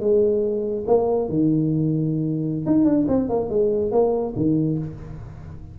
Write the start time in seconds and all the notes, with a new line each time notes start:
0.00 G#3
0.87 A#3
1.29 D#3
2.66 D#4
2.85 D4
3.08 C4
3.29 A#3
3.50 G#3
3.92 A#3
4.36 D#3